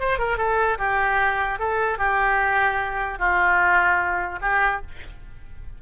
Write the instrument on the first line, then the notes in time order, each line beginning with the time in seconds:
oboe
0.00 C5
0.19 A#4
0.38 A4
0.79 G4
1.59 A4
1.98 G4
3.18 F4
4.41 G4